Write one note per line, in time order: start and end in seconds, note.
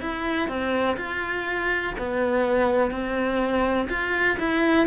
0.00 0.48 E4
0.48 0.96 C4
0.96 1.93 F4
1.98 2.90 B3
2.90 3.87 C4
3.88 4.37 F4
4.39 4.86 E4